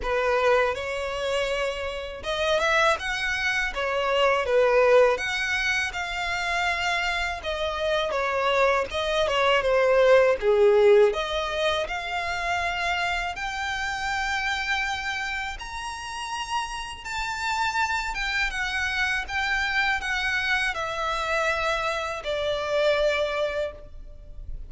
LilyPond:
\new Staff \with { instrumentName = "violin" } { \time 4/4 \tempo 4 = 81 b'4 cis''2 dis''8 e''8 | fis''4 cis''4 b'4 fis''4 | f''2 dis''4 cis''4 | dis''8 cis''8 c''4 gis'4 dis''4 |
f''2 g''2~ | g''4 ais''2 a''4~ | a''8 g''8 fis''4 g''4 fis''4 | e''2 d''2 | }